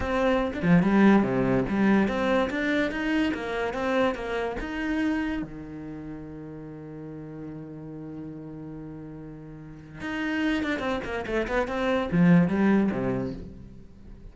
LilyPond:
\new Staff \with { instrumentName = "cello" } { \time 4/4 \tempo 4 = 144 c'4~ c'16 d'16 f8 g4 c4 | g4 c'4 d'4 dis'4 | ais4 c'4 ais4 dis'4~ | dis'4 dis2.~ |
dis1~ | dis1 | dis'4. d'8 c'8 ais8 a8 b8 | c'4 f4 g4 c4 | }